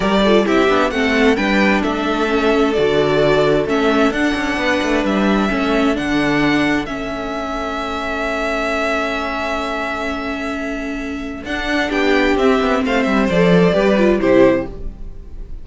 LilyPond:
<<
  \new Staff \with { instrumentName = "violin" } { \time 4/4 \tempo 4 = 131 d''4 e''4 fis''4 g''4 | e''2 d''2 | e''4 fis''2 e''4~ | e''4 fis''2 e''4~ |
e''1~ | e''1~ | e''4 fis''4 g''4 e''4 | f''8 e''8 d''2 c''4 | }
  \new Staff \with { instrumentName = "violin" } { \time 4/4 ais'8 a'8 g'4 a'4 b'4 | a'1~ | a'2 b'2 | a'1~ |
a'1~ | a'1~ | a'2 g'2 | c''2 b'4 g'4 | }
  \new Staff \with { instrumentName = "viola" } { \time 4/4 g'8 f'8 e'8 d'8 c'4 d'4~ | d'4 cis'4 fis'2 | cis'4 d'2. | cis'4 d'2 cis'4~ |
cis'1~ | cis'1~ | cis'4 d'2 c'4~ | c'4 a'4 g'8 f'8 e'4 | }
  \new Staff \with { instrumentName = "cello" } { \time 4/4 g4 c'8 b8 a4 g4 | a2 d2 | a4 d'8 cis'8 b8 a8 g4 | a4 d2 a4~ |
a1~ | a1~ | a4 d'4 b4 c'8 b8 | a8 g8 f4 g4 c4 | }
>>